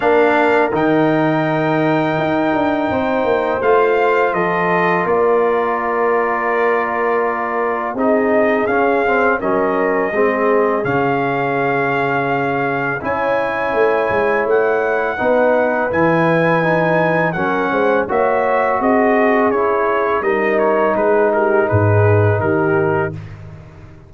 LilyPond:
<<
  \new Staff \with { instrumentName = "trumpet" } { \time 4/4 \tempo 4 = 83 f''4 g''2.~ | g''4 f''4 dis''4 d''4~ | d''2. dis''4 | f''4 dis''2 f''4~ |
f''2 gis''2 | fis''2 gis''2 | fis''4 e''4 dis''4 cis''4 | dis''8 cis''8 b'8 ais'8 b'4 ais'4 | }
  \new Staff \with { instrumentName = "horn" } { \time 4/4 ais'1 | c''2 a'4 ais'4~ | ais'2. gis'4~ | gis'4 ais'4 gis'2~ |
gis'2 cis''2~ | cis''4 b'2. | ais'8 c''8 cis''4 gis'2 | ais'4 gis'8 g'8 gis'4 g'4 | }
  \new Staff \with { instrumentName = "trombone" } { \time 4/4 d'4 dis'2.~ | dis'4 f'2.~ | f'2. dis'4 | cis'8 c'8 cis'4 c'4 cis'4~ |
cis'2 e'2~ | e'4 dis'4 e'4 dis'4 | cis'4 fis'2 e'4 | dis'1 | }
  \new Staff \with { instrumentName = "tuba" } { \time 4/4 ais4 dis2 dis'8 d'8 | c'8 ais8 a4 f4 ais4~ | ais2. c'4 | cis'4 fis4 gis4 cis4~ |
cis2 cis'4 a8 gis8 | a4 b4 e2 | fis8 gis8 ais4 c'4 cis'4 | g4 gis4 gis,4 dis4 | }
>>